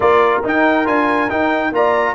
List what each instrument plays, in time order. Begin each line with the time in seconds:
0.00 tuba A#3, trombone F4, horn A#4, trumpet D5
0.43 trombone D#4, tuba D#4, trumpet G5
0.85 tuba D4, trombone F4, trumpet G#5
1.29 trombone D#4, tuba D#4, trumpet G5
1.71 tuba A#3, trombone F4, horn D5, trumpet A#5